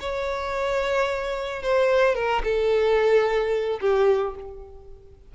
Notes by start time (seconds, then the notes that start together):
0.00 C#5
1.63 C5
2.15 A#4
2.44 A4
3.81 G4